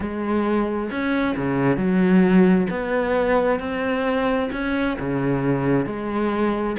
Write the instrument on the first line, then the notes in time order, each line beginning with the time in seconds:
cello
0.00 G#3
0.90 C#4
1.36 C#3
1.77 F#3
2.69 B3
3.59 C4
4.52 C#4
4.99 C#3
5.86 G#3